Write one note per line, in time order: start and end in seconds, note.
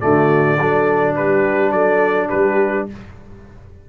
0.00 0.60 D3
0.00 0.57 A3
0.00 0.58 F#4
0.00 1.15 D5
0.58 1.17 F#3
0.58 2.89 D4
0.58 1.15 A4
1.15 1.71 G3
1.15 1.73 G4
1.15 1.72 B4
1.71 2.28 F#3
1.71 2.28 A4
1.71 2.29 D5
2.28 2.89 G3
2.28 2.85 G4
2.28 2.86 B4